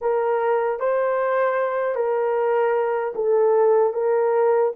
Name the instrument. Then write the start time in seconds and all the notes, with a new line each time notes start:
horn
0.01 A#4
0.79 C5
1.95 A#4
3.15 A4
3.93 A#4